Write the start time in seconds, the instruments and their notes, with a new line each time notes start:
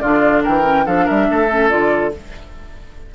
0.00 bassoon D3, clarinet D4, oboe F4, flute D5
0.43 bassoon E3, oboe A#4, flute G5
0.64 clarinet C#4
0.85 bassoon F3, clarinet D4, oboe A4, flute F5
1.05 bassoon G3, oboe A#4, flute E5
1.30 bassoon A3, oboe A4
1.49 clarinet C#4
1.69 bassoon D3, clarinet F4, flute D5